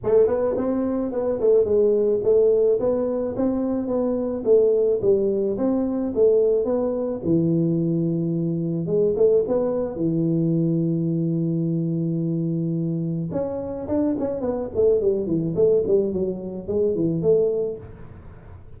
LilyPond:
\new Staff \with { instrumentName = "tuba" } { \time 4/4 \tempo 4 = 108 a8 b8 c'4 b8 a8 gis4 | a4 b4 c'4 b4 | a4 g4 c'4 a4 | b4 e2. |
gis8 a8 b4 e2~ | e1 | cis'4 d'8 cis'8 b8 a8 g8 e8 | a8 g8 fis4 gis8 e8 a4 | }